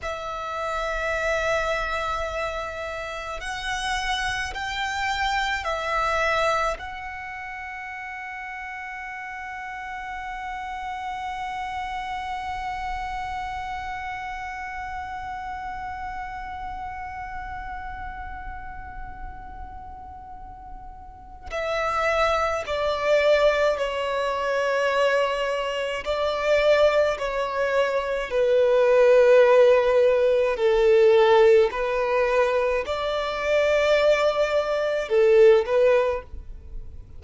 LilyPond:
\new Staff \with { instrumentName = "violin" } { \time 4/4 \tempo 4 = 53 e''2. fis''4 | g''4 e''4 fis''2~ | fis''1~ | fis''1~ |
fis''2. e''4 | d''4 cis''2 d''4 | cis''4 b'2 a'4 | b'4 d''2 a'8 b'8 | }